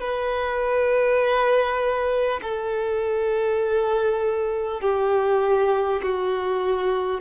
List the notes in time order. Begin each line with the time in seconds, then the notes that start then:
0.00 B4
2.42 A4
4.81 G4
6.02 F#4